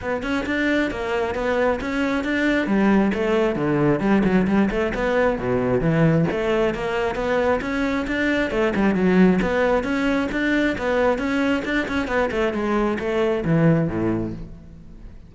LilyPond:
\new Staff \with { instrumentName = "cello" } { \time 4/4 \tempo 4 = 134 b8 cis'8 d'4 ais4 b4 | cis'4 d'4 g4 a4 | d4 g8 fis8 g8 a8 b4 | b,4 e4 a4 ais4 |
b4 cis'4 d'4 a8 g8 | fis4 b4 cis'4 d'4 | b4 cis'4 d'8 cis'8 b8 a8 | gis4 a4 e4 a,4 | }